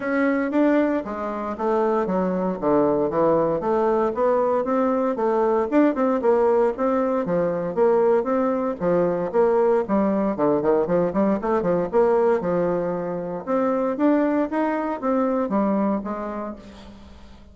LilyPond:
\new Staff \with { instrumentName = "bassoon" } { \time 4/4 \tempo 4 = 116 cis'4 d'4 gis4 a4 | fis4 d4 e4 a4 | b4 c'4 a4 d'8 c'8 | ais4 c'4 f4 ais4 |
c'4 f4 ais4 g4 | d8 dis8 f8 g8 a8 f8 ais4 | f2 c'4 d'4 | dis'4 c'4 g4 gis4 | }